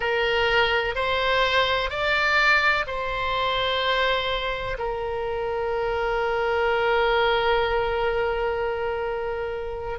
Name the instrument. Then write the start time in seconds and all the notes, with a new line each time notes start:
oboe
0.00 A#4
0.95 C5
1.90 D5
2.86 C5
4.78 A#4